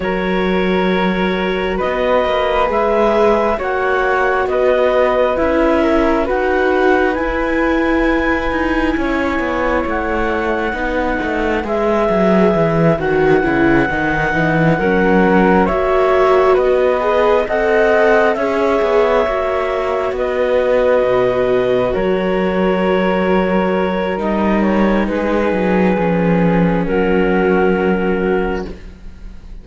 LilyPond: <<
  \new Staff \with { instrumentName = "clarinet" } { \time 4/4 \tempo 4 = 67 cis''2 dis''4 e''4 | fis''4 dis''4 e''4 fis''4 | gis''2. fis''4~ | fis''4 e''4. fis''4.~ |
fis''4. e''4 dis''4 fis''8~ | fis''8 e''2 dis''4.~ | dis''8 cis''2~ cis''8 dis''8 cis''8 | b'2 ais'2 | }
  \new Staff \with { instrumentName = "flute" } { \time 4/4 ais'2 b'2 | cis''4 b'4. ais'8 b'4~ | b'2 cis''2 | b'1~ |
b'8 ais'4 cis''4 b'4 dis''8~ | dis''8 cis''2 b'4.~ | b'8 ais'2.~ ais'8 | gis'2 fis'2 | }
  \new Staff \with { instrumentName = "viola" } { \time 4/4 fis'2. gis'4 | fis'2 e'4 fis'4 | e'1 | dis'4 gis'4. fis'8 e'8 dis'8~ |
dis'8 cis'4 fis'4. gis'8 a'8~ | a'8 gis'4 fis'2~ fis'8~ | fis'2. dis'4~ | dis'4 cis'2. | }
  \new Staff \with { instrumentName = "cello" } { \time 4/4 fis2 b8 ais8 gis4 | ais4 b4 cis'4 dis'4 | e'4. dis'8 cis'8 b8 a4 | b8 a8 gis8 fis8 e8 dis8 cis8 dis8 |
e8 fis4 ais4 b4 c'8~ | c'8 cis'8 b8 ais4 b4 b,8~ | b,8 fis2~ fis8 g4 | gis8 fis8 f4 fis2 | }
>>